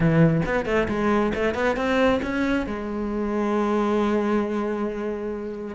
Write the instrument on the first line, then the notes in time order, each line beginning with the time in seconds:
cello
0.00 E3
0.45 B3
0.65 A3
0.88 G#3
1.34 A3
1.54 B3
1.76 C4
2.22 C#4
2.66 G#3